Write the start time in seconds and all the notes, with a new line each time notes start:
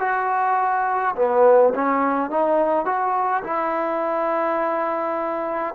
0.00 F#4
1.16 B3
1.75 C#4
2.31 D#4
2.86 F#4
3.44 E4